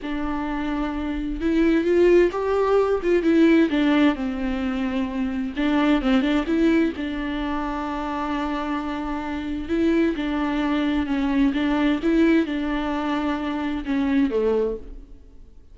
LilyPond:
\new Staff \with { instrumentName = "viola" } { \time 4/4 \tempo 4 = 130 d'2. e'4 | f'4 g'4. f'8 e'4 | d'4 c'2. | d'4 c'8 d'8 e'4 d'4~ |
d'1~ | d'4 e'4 d'2 | cis'4 d'4 e'4 d'4~ | d'2 cis'4 a4 | }